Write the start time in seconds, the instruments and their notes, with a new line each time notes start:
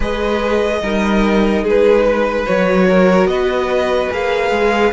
0.00 cello G#3, viola G#4, violin B4 D#5
0.82 cello G3, viola D#4, violin A#4
1.63 cello G#3, violin G#4 B4
2.04 violin B4
2.46 cello F#3, viola F#4, violin C#5
2.88 violin A#4
3.25 cello B3, violin B4 D#5
4.10 cello A#3, viola G#4, violin F5
4.50 cello G#3